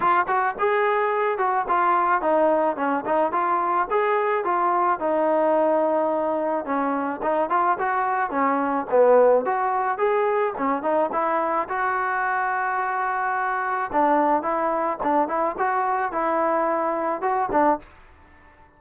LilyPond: \new Staff \with { instrumentName = "trombone" } { \time 4/4 \tempo 4 = 108 f'8 fis'8 gis'4. fis'8 f'4 | dis'4 cis'8 dis'8 f'4 gis'4 | f'4 dis'2. | cis'4 dis'8 f'8 fis'4 cis'4 |
b4 fis'4 gis'4 cis'8 dis'8 | e'4 fis'2.~ | fis'4 d'4 e'4 d'8 e'8 | fis'4 e'2 fis'8 d'8 | }